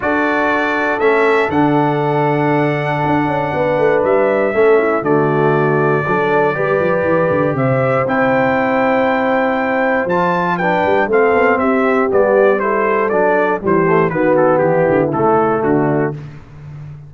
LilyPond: <<
  \new Staff \with { instrumentName = "trumpet" } { \time 4/4 \tempo 4 = 119 d''2 e''4 fis''4~ | fis''1 | e''2 d''2~ | d''2. e''4 |
g''1 | a''4 g''4 f''4 e''4 | d''4 c''4 d''4 c''4 | b'8 a'8 g'4 a'4 fis'4 | }
  \new Staff \with { instrumentName = "horn" } { \time 4/4 a'1~ | a'2. b'4~ | b'4 a'8 e'8 fis'2 | a'4 b'2 c''4~ |
c''1~ | c''4 b'4 a'4 g'4~ | g'4 a'2 g'4 | fis'4 e'2 d'4 | }
  \new Staff \with { instrumentName = "trombone" } { \time 4/4 fis'2 cis'4 d'4~ | d'1~ | d'4 cis'4 a2 | d'4 g'2. |
e'1 | f'4 d'4 c'2 | b4 e'4 d'4 g8 a8 | b2 a2 | }
  \new Staff \with { instrumentName = "tuba" } { \time 4/4 d'2 a4 d4~ | d2 d'8 cis'8 b8 a8 | g4 a4 d2 | fis4 g8 f8 e8 d8 c4 |
c'1 | f4. g8 a8 b8 c'4 | g2 fis4 e4 | dis4 e8 d8 cis4 d4 | }
>>